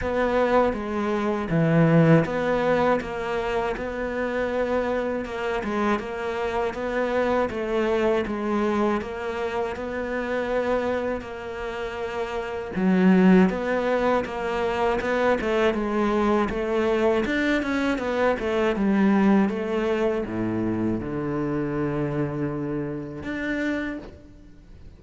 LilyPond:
\new Staff \with { instrumentName = "cello" } { \time 4/4 \tempo 4 = 80 b4 gis4 e4 b4 | ais4 b2 ais8 gis8 | ais4 b4 a4 gis4 | ais4 b2 ais4~ |
ais4 fis4 b4 ais4 | b8 a8 gis4 a4 d'8 cis'8 | b8 a8 g4 a4 a,4 | d2. d'4 | }